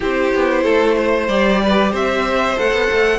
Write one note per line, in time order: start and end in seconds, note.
0.00 0.33 C4
0.00 1.28 E4
0.00 0.63 G4
0.00 1.28 C5
0.33 0.65 B3
0.63 1.28 A3
0.63 0.95 A4
0.97 1.61 C5
1.28 1.92 G3
1.28 2.56 G4
1.28 1.92 D5
1.63 1.91 B4
1.91 2.57 C4
1.91 3.19 C5
1.91 2.58 E5
2.56 2.72 A3
2.56 3.19 A4
2.56 3.19 F#5
2.72 2.88 B3
2.91 3.19 A3